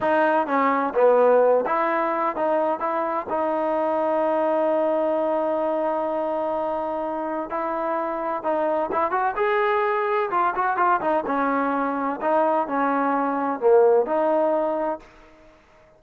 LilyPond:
\new Staff \with { instrumentName = "trombone" } { \time 4/4 \tempo 4 = 128 dis'4 cis'4 b4. e'8~ | e'4 dis'4 e'4 dis'4~ | dis'1~ | dis'1 |
e'2 dis'4 e'8 fis'8 | gis'2 f'8 fis'8 f'8 dis'8 | cis'2 dis'4 cis'4~ | cis'4 ais4 dis'2 | }